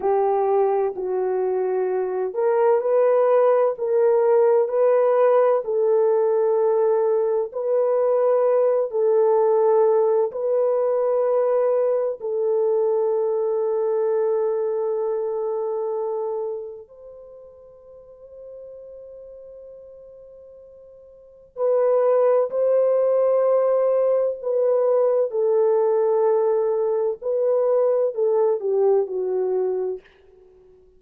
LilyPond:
\new Staff \with { instrumentName = "horn" } { \time 4/4 \tempo 4 = 64 g'4 fis'4. ais'8 b'4 | ais'4 b'4 a'2 | b'4. a'4. b'4~ | b'4 a'2.~ |
a'2 c''2~ | c''2. b'4 | c''2 b'4 a'4~ | a'4 b'4 a'8 g'8 fis'4 | }